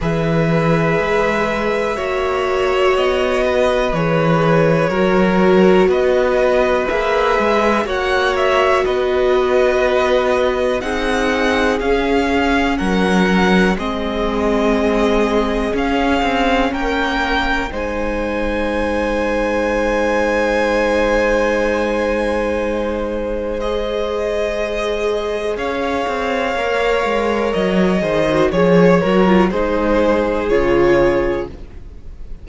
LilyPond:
<<
  \new Staff \with { instrumentName = "violin" } { \time 4/4 \tempo 4 = 61 e''2. dis''4 | cis''2 dis''4 e''4 | fis''8 e''8 dis''2 fis''4 | f''4 fis''4 dis''2 |
f''4 g''4 gis''2~ | gis''1 | dis''2 f''2 | dis''4 cis''8 ais'8 c''4 cis''4 | }
  \new Staff \with { instrumentName = "violin" } { \time 4/4 b'2 cis''4. b'8~ | b'4 ais'4 b'2 | cis''4 b'2 gis'4~ | gis'4 ais'4 gis'2~ |
gis'4 ais'4 c''2~ | c''1~ | c''2 cis''2~ | cis''8 c''8 cis''4 gis'2 | }
  \new Staff \with { instrumentName = "viola" } { \time 4/4 gis'2 fis'2 | gis'4 fis'2 gis'4 | fis'2. dis'4 | cis'2 c'2 |
cis'2 dis'2~ | dis'1 | gis'2. ais'4~ | ais'8 gis'16 fis'16 gis'8 fis'16 f'16 dis'4 f'4 | }
  \new Staff \with { instrumentName = "cello" } { \time 4/4 e4 gis4 ais4 b4 | e4 fis4 b4 ais8 gis8 | ais4 b2 c'4 | cis'4 fis4 gis2 |
cis'8 c'8 ais4 gis2~ | gis1~ | gis2 cis'8 c'8 ais8 gis8 | fis8 dis8 f8 fis8 gis4 cis4 | }
>>